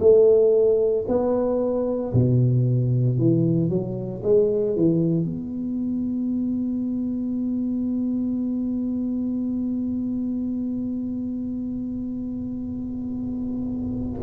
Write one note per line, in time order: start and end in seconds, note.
0.00 1.05 A3
1.08 2.13 B3
2.13 3.19 B2
3.19 3.69 E3
3.69 4.22 F#3
4.23 4.76 G#3
4.76 5.25 E3
5.25 14.20 B3